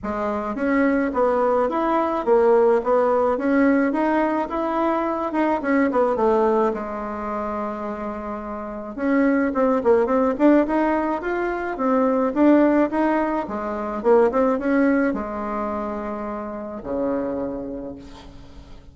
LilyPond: \new Staff \with { instrumentName = "bassoon" } { \time 4/4 \tempo 4 = 107 gis4 cis'4 b4 e'4 | ais4 b4 cis'4 dis'4 | e'4. dis'8 cis'8 b8 a4 | gis1 |
cis'4 c'8 ais8 c'8 d'8 dis'4 | f'4 c'4 d'4 dis'4 | gis4 ais8 c'8 cis'4 gis4~ | gis2 cis2 | }